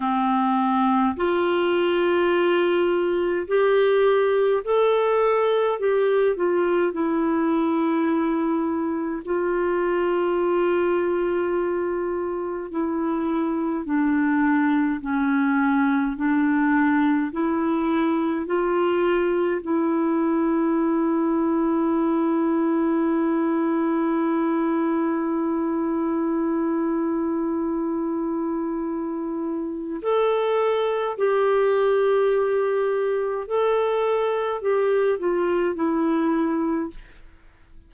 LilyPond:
\new Staff \with { instrumentName = "clarinet" } { \time 4/4 \tempo 4 = 52 c'4 f'2 g'4 | a'4 g'8 f'8 e'2 | f'2. e'4 | d'4 cis'4 d'4 e'4 |
f'4 e'2.~ | e'1~ | e'2 a'4 g'4~ | g'4 a'4 g'8 f'8 e'4 | }